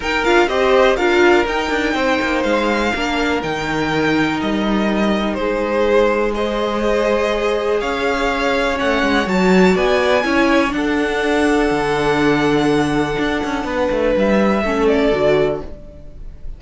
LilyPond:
<<
  \new Staff \with { instrumentName = "violin" } { \time 4/4 \tempo 4 = 123 g''8 f''8 dis''4 f''4 g''4~ | g''4 f''2 g''4~ | g''4 dis''2 c''4~ | c''4 dis''2. |
f''2 fis''4 a''4 | gis''2 fis''2~ | fis''1~ | fis''4 e''4. d''4. | }
  \new Staff \with { instrumentName = "violin" } { \time 4/4 ais'4 c''4 ais'2 | c''2 ais'2~ | ais'2. gis'4~ | gis'4 c''2. |
cis''1 | d''4 cis''4 a'2~ | a'1 | b'2 a'2 | }
  \new Staff \with { instrumentName = "viola" } { \time 4/4 dis'8 f'8 g'4 f'4 dis'4~ | dis'2 d'4 dis'4~ | dis'1~ | dis'4 gis'2.~ |
gis'2 cis'4 fis'4~ | fis'4 e'4 d'2~ | d'1~ | d'2 cis'4 fis'4 | }
  \new Staff \with { instrumentName = "cello" } { \time 4/4 dis'8 d'8 c'4 d'4 dis'8 d'8 | c'8 ais8 gis4 ais4 dis4~ | dis4 g2 gis4~ | gis1 |
cis'2 a8 gis8 fis4 | b4 cis'4 d'2 | d2. d'8 cis'8 | b8 a8 g4 a4 d4 | }
>>